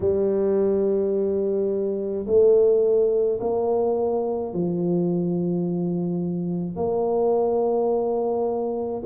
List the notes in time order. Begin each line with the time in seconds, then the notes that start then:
0.00 G3
2.26 A3
3.40 A#3
4.53 F3
6.76 A#3